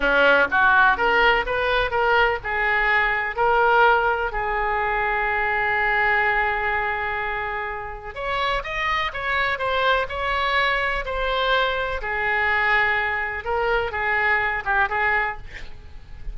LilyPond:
\new Staff \with { instrumentName = "oboe" } { \time 4/4 \tempo 4 = 125 cis'4 fis'4 ais'4 b'4 | ais'4 gis'2 ais'4~ | ais'4 gis'2.~ | gis'1~ |
gis'4 cis''4 dis''4 cis''4 | c''4 cis''2 c''4~ | c''4 gis'2. | ais'4 gis'4. g'8 gis'4 | }